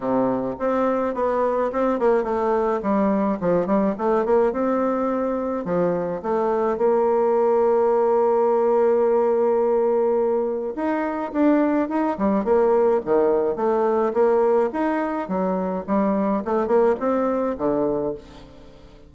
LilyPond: \new Staff \with { instrumentName = "bassoon" } { \time 4/4 \tempo 4 = 106 c4 c'4 b4 c'8 ais8 | a4 g4 f8 g8 a8 ais8 | c'2 f4 a4 | ais1~ |
ais2. dis'4 | d'4 dis'8 g8 ais4 dis4 | a4 ais4 dis'4 fis4 | g4 a8 ais8 c'4 d4 | }